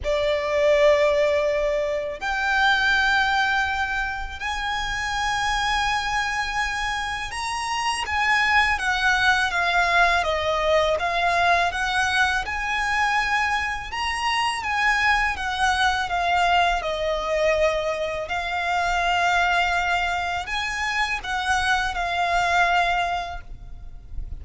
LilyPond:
\new Staff \with { instrumentName = "violin" } { \time 4/4 \tempo 4 = 82 d''2. g''4~ | g''2 gis''2~ | gis''2 ais''4 gis''4 | fis''4 f''4 dis''4 f''4 |
fis''4 gis''2 ais''4 | gis''4 fis''4 f''4 dis''4~ | dis''4 f''2. | gis''4 fis''4 f''2 | }